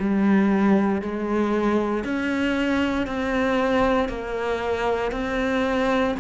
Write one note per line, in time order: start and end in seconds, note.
0.00 1.02 G3
1.02 2.05 G#3
2.05 3.08 C#4
3.08 4.09 C4
4.09 5.12 A#3
5.12 6.16 C4